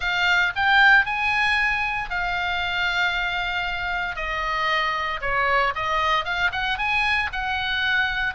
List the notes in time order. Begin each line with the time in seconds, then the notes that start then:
0.00 F5
0.55 G5
1.05 G#5
2.10 F5
4.16 D#5
5.21 C#5
5.75 D#5
6.24 F5
6.52 F#5
6.78 G#5
7.32 F#5